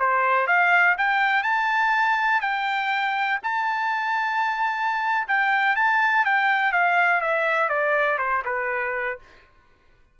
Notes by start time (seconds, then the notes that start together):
0.00 C5
0.48 F5
0.98 G5
1.44 A5
2.42 G5
3.43 A5
5.28 G5
5.76 A5
6.26 G5
6.73 F5
7.21 E5
7.70 D5
8.19 C5
8.46 B4